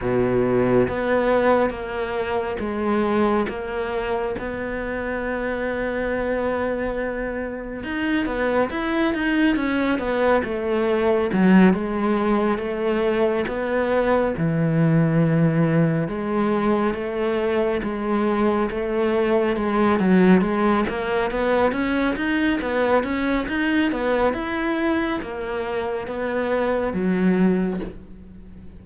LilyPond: \new Staff \with { instrumentName = "cello" } { \time 4/4 \tempo 4 = 69 b,4 b4 ais4 gis4 | ais4 b2.~ | b4 dis'8 b8 e'8 dis'8 cis'8 b8 | a4 fis8 gis4 a4 b8~ |
b8 e2 gis4 a8~ | a8 gis4 a4 gis8 fis8 gis8 | ais8 b8 cis'8 dis'8 b8 cis'8 dis'8 b8 | e'4 ais4 b4 fis4 | }